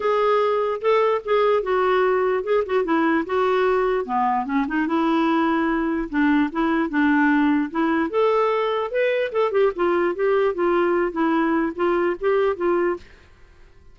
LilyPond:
\new Staff \with { instrumentName = "clarinet" } { \time 4/4 \tempo 4 = 148 gis'2 a'4 gis'4 | fis'2 gis'8 fis'8 e'4 | fis'2 b4 cis'8 dis'8 | e'2. d'4 |
e'4 d'2 e'4 | a'2 b'4 a'8 g'8 | f'4 g'4 f'4. e'8~ | e'4 f'4 g'4 f'4 | }